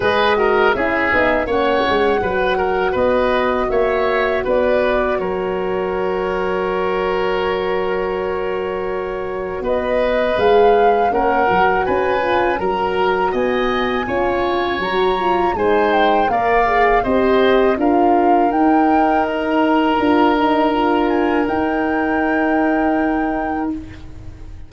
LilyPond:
<<
  \new Staff \with { instrumentName = "flute" } { \time 4/4 \tempo 4 = 81 dis''4 e''4 fis''2 | dis''4 e''4 d''4 cis''4~ | cis''1~ | cis''4 dis''4 f''4 fis''4 |
gis''4 ais''4 gis''2 | ais''4 gis''8 g''8 f''4 dis''4 | f''4 g''4 ais''2~ | ais''8 gis''8 g''2. | }
  \new Staff \with { instrumentName = "oboe" } { \time 4/4 b'8 ais'8 gis'4 cis''4 b'8 ais'8 | b'4 cis''4 b'4 ais'4~ | ais'1~ | ais'4 b'2 ais'4 |
b'4 ais'4 dis''4 cis''4~ | cis''4 c''4 d''4 c''4 | ais'1~ | ais'1 | }
  \new Staff \with { instrumentName = "horn" } { \time 4/4 gis'8 fis'8 e'8 dis'8 cis'4 fis'4~ | fis'1~ | fis'1~ | fis'2 gis'4 cis'8 fis'8~ |
fis'8 f'8 fis'2 f'4 | fis'8 f'8 dis'4 ais'8 gis'8 g'4 | f'4 dis'2 f'8 dis'8 | f'4 dis'2. | }
  \new Staff \with { instrumentName = "tuba" } { \time 4/4 gis4 cis'8 b8 ais8 gis8 fis4 | b4 ais4 b4 fis4~ | fis1~ | fis4 b4 gis4 ais8 fis8 |
cis'4 fis4 b4 cis'4 | fis4 gis4 ais4 c'4 | d'4 dis'2 d'4~ | d'4 dis'2. | }
>>